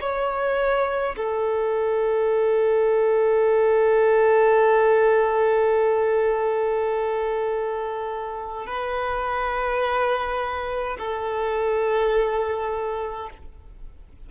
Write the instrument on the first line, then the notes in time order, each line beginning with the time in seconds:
violin
0.00 C#5
1.16 A4
8.66 B4
10.98 A4